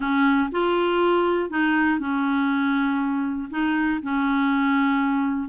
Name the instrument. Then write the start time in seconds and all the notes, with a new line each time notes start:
clarinet
0.00 C#4
0.51 F4
1.50 D#4
1.99 C#4
3.50 D#4
4.02 C#4